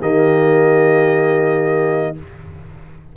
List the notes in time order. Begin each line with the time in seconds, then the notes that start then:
0.00 D#3 A#3 G4 D#5